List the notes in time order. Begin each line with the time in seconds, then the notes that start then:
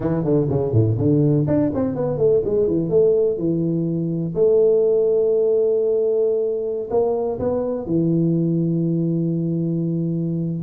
0.00 E3
0.24 D3
0.49 C#3
0.72 A2
0.98 D3
1.47 D4
1.74 C4
1.95 B3
2.17 A3
2.44 G#3
2.67 E3
2.89 A3
3.37 E3
4.35 A3
6.90 A#3
7.39 B3
7.86 E3